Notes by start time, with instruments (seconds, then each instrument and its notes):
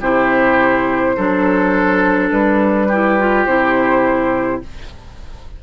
0.00 bassoon C3, clarinet E4, oboe G4, flute C5
1.16 bassoon F#3, clarinet D4, oboe A4
2.31 bassoon G3, flute B4
2.87 clarinet E4, oboe G4
3.19 clarinet F4
3.45 bassoon C3, clarinet E4, flute C5